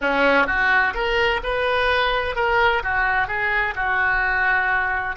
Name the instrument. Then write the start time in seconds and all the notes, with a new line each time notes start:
oboe
0.01 C#4
0.46 F#4
0.94 A#4
1.43 B4
2.35 A#4
2.83 F#4
3.27 G#4
3.75 F#4